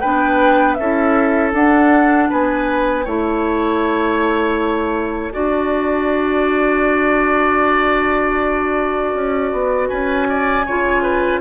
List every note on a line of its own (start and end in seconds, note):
0.00 0.79 B3
0.00 0.79 D4
0.00 0.76 B4
0.00 0.74 G5
0.74 1.53 C#4
0.74 1.54 E4
0.74 2.29 A4
0.74 1.50 E5
1.53 2.29 D4
1.53 3.06 D4
1.53 2.30 F#5
2.29 3.06 B3
2.29 3.05 B4
2.29 3.07 G#5
3.05 5.34 A3
3.05 5.32 E4
3.05 5.33 C#5
3.05 9.88 A5
5.32 9.14 D4
5.32 10.63 F#4
5.32 9.89 D5
9.14 9.52 C#4
9.52 9.90 B3
9.88 10.67 C#4
9.88 10.27 B4
9.88 11.40 G#5
10.29 10.66 D5
10.66 11.41 C#3
10.66 11.41 F4
10.66 11.02 C#5
11.02 11.40 B4